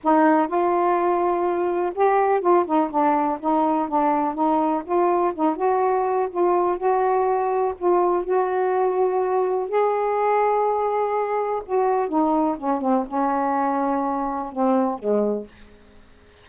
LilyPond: \new Staff \with { instrumentName = "saxophone" } { \time 4/4 \tempo 4 = 124 dis'4 f'2. | g'4 f'8 dis'8 d'4 dis'4 | d'4 dis'4 f'4 dis'8 fis'8~ | fis'4 f'4 fis'2 |
f'4 fis'2. | gis'1 | fis'4 dis'4 cis'8 c'8 cis'4~ | cis'2 c'4 gis4 | }